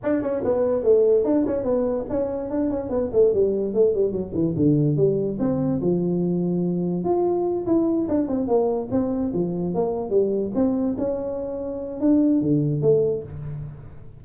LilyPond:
\new Staff \with { instrumentName = "tuba" } { \time 4/4 \tempo 4 = 145 d'8 cis'8 b4 a4 d'8 cis'8 | b4 cis'4 d'8 cis'8 b8 a8 | g4 a8 g8 fis8 e8 d4 | g4 c'4 f2~ |
f4 f'4. e'4 d'8 | c'8 ais4 c'4 f4 ais8~ | ais8 g4 c'4 cis'4.~ | cis'4 d'4 d4 a4 | }